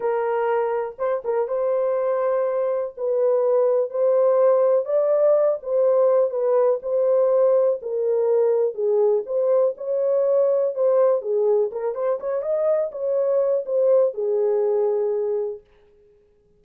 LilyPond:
\new Staff \with { instrumentName = "horn" } { \time 4/4 \tempo 4 = 123 ais'2 c''8 ais'8 c''4~ | c''2 b'2 | c''2 d''4. c''8~ | c''4 b'4 c''2 |
ais'2 gis'4 c''4 | cis''2 c''4 gis'4 | ais'8 c''8 cis''8 dis''4 cis''4. | c''4 gis'2. | }